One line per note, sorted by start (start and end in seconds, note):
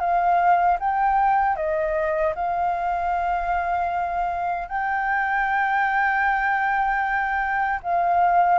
0.00 0.78 F5
0.80 1.56 G5
1.56 2.34 D#5
2.36 4.69 F5
4.69 7.80 G5
7.83 8.59 F5